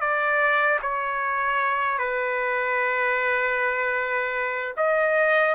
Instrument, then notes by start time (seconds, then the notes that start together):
trumpet
0.00 D5
0.82 C#5
1.98 B4
4.77 D#5